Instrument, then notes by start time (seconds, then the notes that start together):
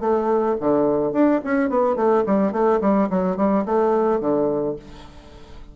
bassoon
0.00 A3
0.60 D3
1.12 D4
1.44 C#4
1.69 B3
1.96 A3
2.26 G3
2.52 A3
2.81 G3
3.10 F#3
3.36 G3
3.65 A3
4.20 D3